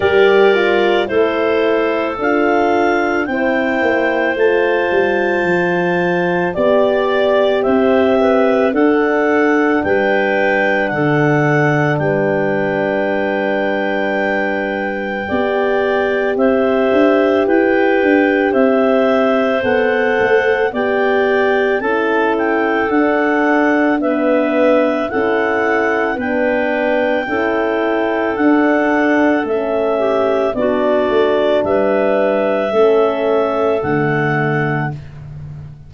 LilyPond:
<<
  \new Staff \with { instrumentName = "clarinet" } { \time 4/4 \tempo 4 = 55 d''4 c''4 f''4 g''4 | a''2 d''4 e''4 | fis''4 g''4 fis''4 g''4~ | g''2. e''4 |
g''4 e''4 fis''4 g''4 | a''8 g''8 fis''4 e''4 fis''4 | g''2 fis''4 e''4 | d''4 e''2 fis''4 | }
  \new Staff \with { instrumentName = "clarinet" } { \time 4/4 ais'4 a'2 c''4~ | c''2 d''4 c''8 b'8 | a'4 b'4 a'4 b'4~ | b'2 d''4 c''4 |
b'4 c''2 d''4 | a'2 b'4 a'4 | b'4 a'2~ a'8 g'8 | fis'4 b'4 a'2 | }
  \new Staff \with { instrumentName = "horn" } { \time 4/4 g'8 f'8 e'4 f'4 e'4 | f'2 g'2 | d'1~ | d'2 g'2~ |
g'2 a'4 g'4 | e'4 d'4 b4 e'4 | d'4 e'4 d'4 cis'4 | d'2 cis'4 a4 | }
  \new Staff \with { instrumentName = "tuba" } { \time 4/4 g4 a4 d'4 c'8 ais8 | a8 g8 f4 b4 c'4 | d'4 g4 d4 g4~ | g2 b4 c'8 d'8 |
e'8 d'8 c'4 b8 a8 b4 | cis'4 d'2 cis'4 | b4 cis'4 d'4 a4 | b8 a8 g4 a4 d4 | }
>>